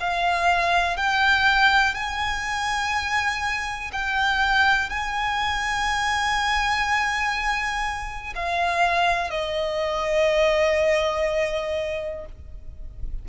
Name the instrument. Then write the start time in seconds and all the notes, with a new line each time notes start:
violin
0.00 F5
0.97 G5
1.94 G#5
3.92 G5
4.89 G#5
8.35 F5
9.30 D#5